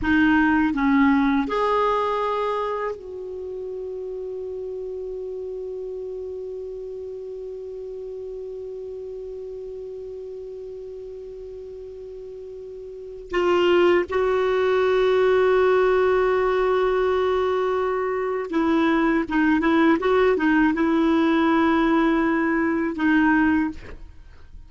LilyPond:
\new Staff \with { instrumentName = "clarinet" } { \time 4/4 \tempo 4 = 81 dis'4 cis'4 gis'2 | fis'1~ | fis'1~ | fis'1~ |
fis'2 f'4 fis'4~ | fis'1~ | fis'4 e'4 dis'8 e'8 fis'8 dis'8 | e'2. dis'4 | }